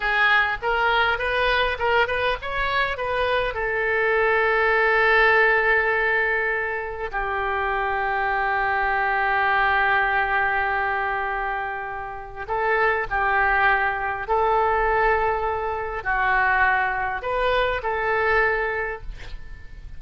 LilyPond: \new Staff \with { instrumentName = "oboe" } { \time 4/4 \tempo 4 = 101 gis'4 ais'4 b'4 ais'8 b'8 | cis''4 b'4 a'2~ | a'1 | g'1~ |
g'1~ | g'4 a'4 g'2 | a'2. fis'4~ | fis'4 b'4 a'2 | }